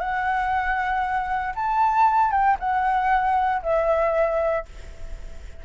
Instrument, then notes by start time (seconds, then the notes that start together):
flute
0.00 F#5
1.55 A5
2.31 G5
2.59 F#5
3.62 E5